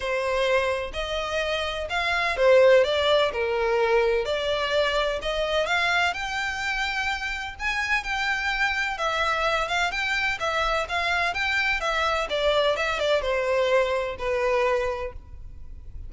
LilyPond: \new Staff \with { instrumentName = "violin" } { \time 4/4 \tempo 4 = 127 c''2 dis''2 | f''4 c''4 d''4 ais'4~ | ais'4 d''2 dis''4 | f''4 g''2. |
gis''4 g''2 e''4~ | e''8 f''8 g''4 e''4 f''4 | g''4 e''4 d''4 e''8 d''8 | c''2 b'2 | }